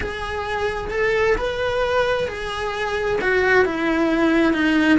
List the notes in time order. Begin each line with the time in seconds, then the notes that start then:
0.00 G#4
0.90 A4
1.37 B4
2.27 G#4
3.21 F#4
3.65 E4
4.53 D#4